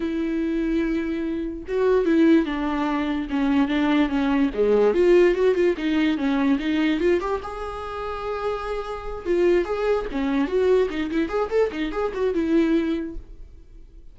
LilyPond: \new Staff \with { instrumentName = "viola" } { \time 4/4 \tempo 4 = 146 e'1 | fis'4 e'4 d'2 | cis'4 d'4 cis'4 gis4 | f'4 fis'8 f'8 dis'4 cis'4 |
dis'4 f'8 g'8 gis'2~ | gis'2~ gis'8 f'4 gis'8~ | gis'8 cis'4 fis'4 dis'8 e'8 gis'8 | a'8 dis'8 gis'8 fis'8 e'2 | }